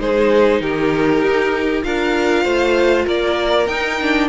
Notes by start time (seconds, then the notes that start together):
0.00 G#3 D#4 G#4 C5
0.61 D#3 G4 A#4
1.22 D#4
1.83 D4 F4 A#4 F5
2.44 A3 C5
3.05 A#3 A#4 D5
3.67 D#4 G5
4.02 D4